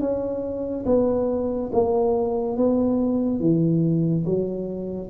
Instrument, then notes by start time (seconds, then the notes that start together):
tuba
0.00 C#4
0.85 B3
1.72 A#3
2.56 B3
3.40 E3
4.25 F#3